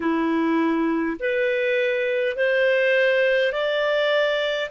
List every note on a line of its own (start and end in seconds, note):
0.00 1.17 E4
1.19 2.36 B4
2.36 3.52 C5
3.52 4.70 D5